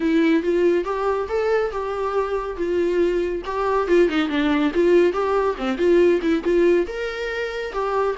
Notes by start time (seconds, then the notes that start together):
0.00 E4
0.42 F4
0.84 G4
1.29 A4
1.71 G4
2.56 F4
3.45 G4
3.87 F4
4.08 D#4
4.29 D4
4.74 F4
5.12 G4
5.57 C4
5.77 F4
6.21 E4
6.43 F4
6.87 A#4
7.73 G4